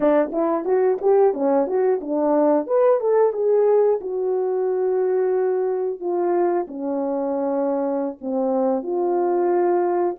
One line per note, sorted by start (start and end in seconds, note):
0.00 0.31 D4
0.32 0.64 E4
0.64 0.98 F#4
1.01 1.33 G4
1.33 1.66 C#4
1.66 2.00 F#4
2.00 2.67 D4
2.67 3.00 B4
3.00 3.32 A4
3.32 3.99 G#4
4.00 5.99 F#4
5.99 6.66 F4
6.67 8.17 C#4
8.21 8.82 C4
8.82 10.16 F4